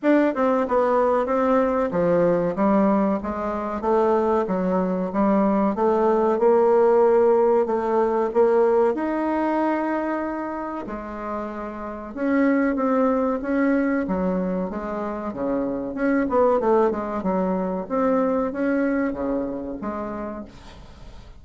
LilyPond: \new Staff \with { instrumentName = "bassoon" } { \time 4/4 \tempo 4 = 94 d'8 c'8 b4 c'4 f4 | g4 gis4 a4 fis4 | g4 a4 ais2 | a4 ais4 dis'2~ |
dis'4 gis2 cis'4 | c'4 cis'4 fis4 gis4 | cis4 cis'8 b8 a8 gis8 fis4 | c'4 cis'4 cis4 gis4 | }